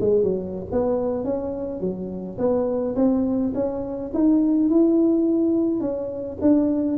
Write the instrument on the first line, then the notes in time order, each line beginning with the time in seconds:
tuba
0.00 G#3
0.23 F#3
0.71 B3
1.24 C#4
1.80 F#3
2.38 B3
2.95 C4
3.54 C#4
4.14 D#4
4.69 E4
5.80 C#4
6.41 D4